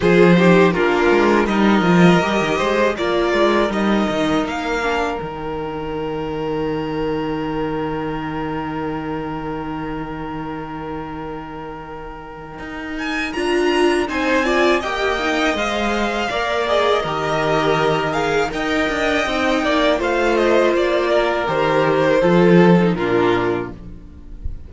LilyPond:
<<
  \new Staff \with { instrumentName = "violin" } { \time 4/4 \tempo 4 = 81 c''4 ais'4 dis''2 | d''4 dis''4 f''4 g''4~ | g''1~ | g''1~ |
g''4. gis''8 ais''4 gis''4 | g''4 f''4. dis''4.~ | dis''8 f''8 g''2 f''8 dis''8 | d''4 c''2 ais'4 | }
  \new Staff \with { instrumentName = "violin" } { \time 4/4 gis'8 g'8 f'4 ais'4. c''8 | ais'1~ | ais'1~ | ais'1~ |
ais'2. c''8 d''8 | dis''2 d''4 ais'4~ | ais'4 dis''4. d''8 c''4~ | c''8 ais'4. a'4 f'4 | }
  \new Staff \with { instrumentName = "viola" } { \time 4/4 f'8 dis'8 d'4 dis'8 f'8 g'4 | f'4 dis'4. d'8 dis'4~ | dis'1~ | dis'1~ |
dis'2 f'4 dis'8 f'8 | g'8 dis'8 c''4 ais'8 gis'8 g'4~ | g'8 gis'8 ais'4 dis'4 f'4~ | f'4 g'4 f'8. dis'16 d'4 | }
  \new Staff \with { instrumentName = "cello" } { \time 4/4 f4 ais8 gis8 g8 f8 g16 dis16 gis8 | ais8 gis8 g8 dis8 ais4 dis4~ | dis1~ | dis1~ |
dis4 dis'4 d'4 c'4 | ais4 gis4 ais4 dis4~ | dis4 dis'8 d'8 c'8 ais8 a4 | ais4 dis4 f4 ais,4 | }
>>